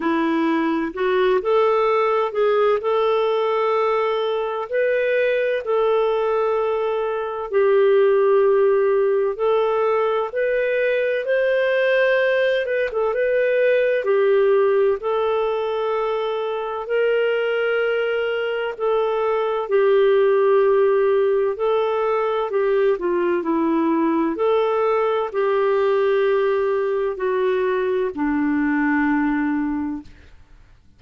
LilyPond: \new Staff \with { instrumentName = "clarinet" } { \time 4/4 \tempo 4 = 64 e'4 fis'8 a'4 gis'8 a'4~ | a'4 b'4 a'2 | g'2 a'4 b'4 | c''4. b'16 a'16 b'4 g'4 |
a'2 ais'2 | a'4 g'2 a'4 | g'8 f'8 e'4 a'4 g'4~ | g'4 fis'4 d'2 | }